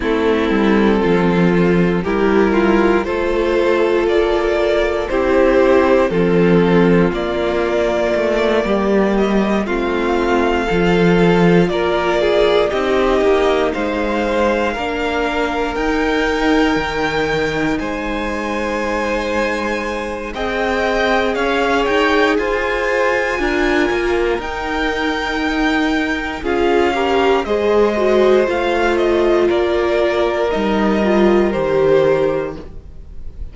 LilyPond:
<<
  \new Staff \with { instrumentName = "violin" } { \time 4/4 \tempo 4 = 59 a'2 g'8 f'8 c''4 | d''4 c''4 a'4 d''4~ | d''4 dis''8 f''2 d''8~ | d''8 dis''4 f''2 g''8~ |
g''4. gis''2~ gis''8 | g''4 f''8 g''8 gis''2 | g''2 f''4 dis''4 | f''8 dis''8 d''4 dis''4 c''4 | }
  \new Staff \with { instrumentName = "violin" } { \time 4/4 e'4 f'4 ais'4 a'4~ | a'4 g'4 f'2~ | f'8 g'4 f'4 a'4 ais'8 | gis'8 g'4 c''4 ais'4.~ |
ais'4. c''2~ c''8 | dis''4 cis''4 c''4 ais'4~ | ais'2 gis'8 ais'8 c''4~ | c''4 ais'2. | }
  \new Staff \with { instrumentName = "viola" } { \time 4/4 c'2 e'4 f'4~ | f'4 e'4 c'4 ais4~ | ais4. c'4 f'4.~ | f'8 dis'2 d'4 dis'8~ |
dis'1 | gis'2. f'4 | dis'2 f'8 g'8 gis'8 fis'8 | f'2 dis'8 f'8 g'4 | }
  \new Staff \with { instrumentName = "cello" } { \time 4/4 a8 g8 f4 g4 a4 | ais4 c'4 f4 ais4 | a8 g4 a4 f4 ais8~ | ais8 c'8 ais8 gis4 ais4 dis'8~ |
dis'8 dis4 gis2~ gis8 | c'4 cis'8 dis'8 f'4 d'8 ais8 | dis'2 cis'4 gis4 | a4 ais4 g4 dis4 | }
>>